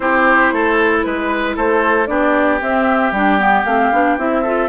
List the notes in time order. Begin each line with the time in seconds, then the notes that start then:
0.00 C4 E4 G4 C5
0.52 A3 A4
1.02 G#3 B4
1.56 A3 A4 C5
2.06 B3 D4 G4 D5
2.61 C4 E5
3.11 G3 D4 G5
3.39 B3
3.65 A3 C4 F5
3.92 B3 D4
4.18 C4 E4 E5
4.42 F4 A4